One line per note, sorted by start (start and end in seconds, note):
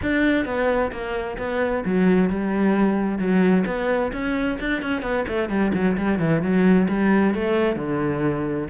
0.01 0.45 D4
0.45 0.91 B3
0.91 1.37 A#3
1.38 1.84 B3
1.85 2.29 F#3
2.29 3.18 G3
3.18 3.64 F#3
3.66 4.11 B3
4.12 4.58 C#4
4.59 4.82 D4
4.82 5.02 C#4
5.02 5.24 B3
5.28 5.49 A3
5.49 5.72 G3
5.74 5.96 F#3
5.97 6.19 G3
6.19 6.41 E3
6.41 6.87 F#3
6.88 7.34 G3
7.34 7.76 A3
7.76 8.67 D3